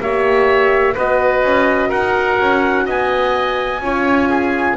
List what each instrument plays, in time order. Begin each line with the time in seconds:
0.00 double bass A#3, horn G4, oboe C#5, trumpet E5
0.94 double bass B3, horn F#4, oboe B4, trumpet D#5
1.42 double bass C#4
1.88 double bass D#4, oboe A#4, trumpet F#5
2.39 double bass C#4
2.85 double bass B3, oboe D#5, trumpet G#5
3.80 double bass C#4, horn F4, oboe C#5
4.29 oboe G#4